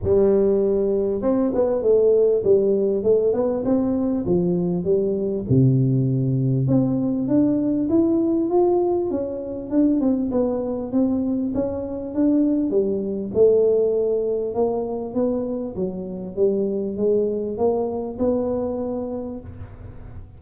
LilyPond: \new Staff \with { instrumentName = "tuba" } { \time 4/4 \tempo 4 = 99 g2 c'8 b8 a4 | g4 a8 b8 c'4 f4 | g4 c2 c'4 | d'4 e'4 f'4 cis'4 |
d'8 c'8 b4 c'4 cis'4 | d'4 g4 a2 | ais4 b4 fis4 g4 | gis4 ais4 b2 | }